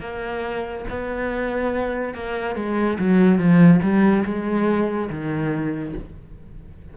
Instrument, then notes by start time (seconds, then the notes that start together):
cello
0.00 A#3
0.89 B3
2.14 A#3
2.55 G#3
2.99 F#3
3.38 F3
3.82 G3
4.25 G#3
5.10 D#3